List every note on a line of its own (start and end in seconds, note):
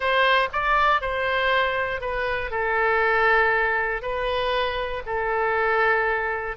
0.00 0.49 C5
0.52 1.01 D5
1.01 2.00 C5
2.00 2.50 B4
2.50 4.02 A4
4.02 5.02 B4
5.06 6.56 A4